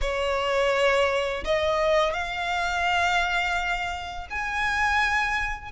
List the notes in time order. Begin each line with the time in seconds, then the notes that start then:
0.01 C#5
1.44 D#5
2.13 F5
4.30 G#5